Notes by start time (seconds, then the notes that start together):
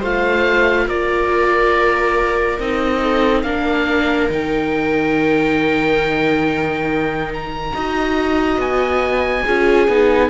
0.00 A3 F4 C5 F5
0.87 A#3 A#4 D5
2.59 C4 D#4 D#5
3.02 A4
3.42 A#3 D4 A#4 F5
4.29 D#3 D#4 G5
7.33 A#5
7.74 D#4 F#4 D#5
8.57 B3 G#5
9.43 C#4 F4 G#4
9.88 B3 D#4